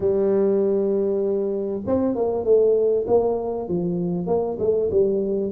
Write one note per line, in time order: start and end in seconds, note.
0.00 1.81 G3
1.86 2.15 C4
2.15 2.44 A#3
2.44 3.05 A3
3.07 3.68 A#3
3.68 4.27 F3
4.27 4.57 A#3
4.59 4.90 A3
4.91 5.51 G3